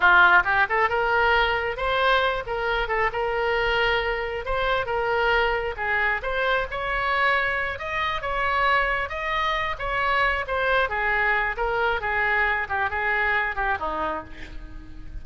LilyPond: \new Staff \with { instrumentName = "oboe" } { \time 4/4 \tempo 4 = 135 f'4 g'8 a'8 ais'2 | c''4. ais'4 a'8 ais'4~ | ais'2 c''4 ais'4~ | ais'4 gis'4 c''4 cis''4~ |
cis''4. dis''4 cis''4.~ | cis''8 dis''4. cis''4. c''8~ | c''8 gis'4. ais'4 gis'4~ | gis'8 g'8 gis'4. g'8 dis'4 | }